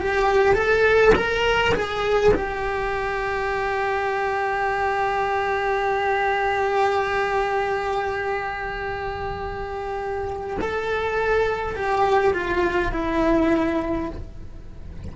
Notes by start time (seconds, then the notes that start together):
0.00 G4
0.54 A4
1.15 A#4
1.74 G#4
2.34 G4
10.60 A4
11.75 G4
12.33 F4
12.91 E4